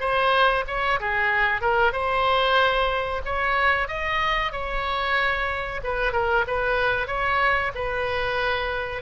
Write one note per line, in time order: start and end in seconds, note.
0.00 0.65 C5
0.67 1.00 C#5
1.00 1.62 G#4
1.62 1.93 A#4
1.93 3.22 C5
3.25 3.88 C#5
3.88 4.52 D#5
4.52 5.81 C#5
5.84 6.13 B4
6.13 6.45 A#4
6.47 7.07 B4
7.07 7.72 C#5
7.75 9.02 B4